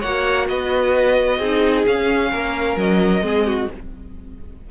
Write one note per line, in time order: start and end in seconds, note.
0.00 0.49 A#3
0.00 1.42 F#4
0.00 0.46 C#5
0.00 0.47 F#5
0.48 1.39 B3
0.48 1.38 B4
0.48 1.85 D#5
1.38 1.85 C4
1.38 1.86 D#4
1.38 2.30 G#4
1.86 3.22 C#4
1.86 2.32 C#4
1.86 2.79 F5
2.32 2.76 A#3
2.32 3.24 A#4
2.76 3.22 F#3
2.76 3.71 D#5
3.22 3.67 G#3
3.22 3.67 C4
3.22 3.46 G#4
3.47 3.70 F#4